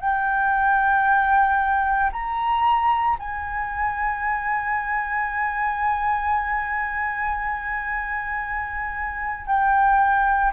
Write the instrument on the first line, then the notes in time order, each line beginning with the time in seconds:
flute
0.00 G5
2.12 A#5
3.19 G#5
9.46 G5